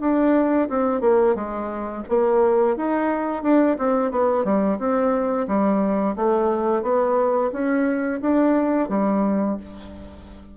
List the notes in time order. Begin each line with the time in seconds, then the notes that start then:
0.00 D4
0.69 C4
1.01 A#3
1.35 G#3
2.09 A#3
2.76 D#4
3.42 D4
3.78 C4
4.11 B3
4.44 G3
4.79 C4
5.47 G3
6.16 A3
6.82 B3
7.52 C#4
8.21 D4
8.89 G3